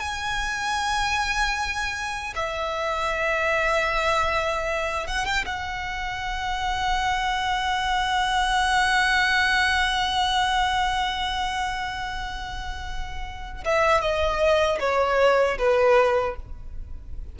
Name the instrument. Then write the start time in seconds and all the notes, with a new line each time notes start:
violin
0.00 G#5
2.36 E5
5.07 F#5
5.25 G5
5.46 F#5
13.65 E5
14.01 D#5
14.80 C#5
15.58 B4